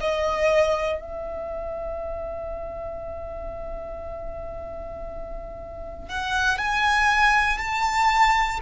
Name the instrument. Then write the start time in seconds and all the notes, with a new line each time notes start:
violin
0.00 D#5
1.00 E5
6.09 F#5
6.58 G#5
7.58 A5